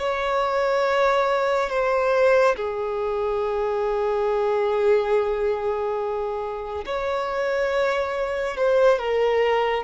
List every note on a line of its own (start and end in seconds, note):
0.00 1.70 C#5
1.70 2.56 C5
2.57 6.85 G#4
6.86 8.58 C#5
8.58 8.99 C5
8.99 9.85 A#4